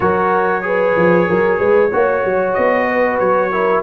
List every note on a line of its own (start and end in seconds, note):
0.00 0.95 F#3
0.00 0.61 F#4
0.00 0.64 A#4
0.00 2.53 C#5
0.61 1.89 G#4
0.61 1.28 B4
0.96 1.28 F3
1.28 1.59 F#3
1.28 1.58 A#4
1.58 1.91 G#3
1.58 1.90 B4
1.92 2.24 A#3
1.92 3.51 F#4
1.92 2.87 C#5
2.24 2.56 F#3
2.53 3.20 B3
2.53 3.17 D#5
2.89 3.50 B4
3.19 3.82 F#3
3.19 3.82 C#5
3.50 3.82 E4
3.50 3.82 A#4